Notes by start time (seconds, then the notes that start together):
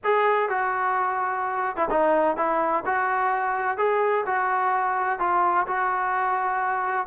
0.03 G#4
0.49 F#4
1.76 E4
1.90 D#4
2.36 E4
2.85 F#4
3.77 G#4
4.26 F#4
5.19 F4
5.67 F#4